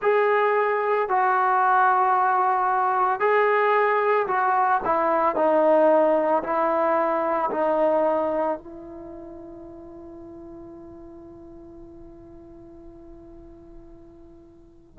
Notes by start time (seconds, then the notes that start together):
0.02 G#4
1.09 F#4
3.19 G#4
4.27 F#4
4.85 E4
5.35 D#4
6.43 E4
7.50 D#4
8.58 E4